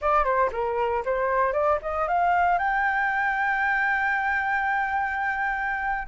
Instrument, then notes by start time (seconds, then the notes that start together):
flute
0.01 D5
0.24 C5
0.51 A#4
1.05 C5
1.53 D5
1.82 D#5
2.08 F5
2.58 G5